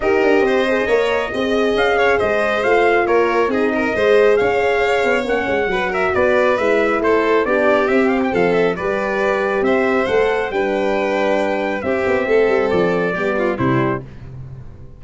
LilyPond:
<<
  \new Staff \with { instrumentName = "trumpet" } { \time 4/4 \tempo 4 = 137 dis''1 | f''4 dis''4 f''4 cis''4 | dis''2 f''2 | fis''4. e''8 d''4 e''4 |
c''4 d''4 e''8 f''16 g''16 f''8 e''8 | d''2 e''4 fis''4 | g''2. e''4~ | e''4 d''2 c''4 | }
  \new Staff \with { instrumentName = "violin" } { \time 4/4 ais'4 c''4 cis''4 dis''4~ | dis''8 cis''8 c''2 ais'4 | gis'8 ais'8 c''4 cis''2~ | cis''4 b'8 ais'8 b'2 |
a'4 g'2 a'4 | b'2 c''2 | b'2. g'4 | a'2 g'8 f'8 e'4 | }
  \new Staff \with { instrumentName = "horn" } { \time 4/4 g'4. gis'8 ais'4 gis'4~ | gis'2 f'2 | dis'4 gis'2. | cis'4 fis'2 e'4~ |
e'4 d'4 c'2 | g'2. a'4 | d'2. c'4~ | c'2 b4 g4 | }
  \new Staff \with { instrumentName = "tuba" } { \time 4/4 dis'8 d'8 c'4 ais4 c'4 | cis'4 gis4 a4 ais4 | c'4 gis4 cis'4. b8 | ais8 gis8 fis4 b4 gis4 |
a4 b4 c'4 f4 | g2 c'4 a4 | g2. c'8 b8 | a8 g8 f4 g4 c4 | }
>>